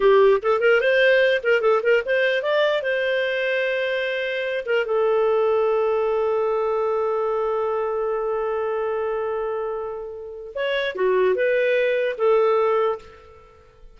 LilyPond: \new Staff \with { instrumentName = "clarinet" } { \time 4/4 \tempo 4 = 148 g'4 a'8 ais'8 c''4. ais'8 | a'8 ais'8 c''4 d''4 c''4~ | c''2.~ c''8 ais'8 | a'1~ |
a'1~ | a'1~ | a'2 cis''4 fis'4 | b'2 a'2 | }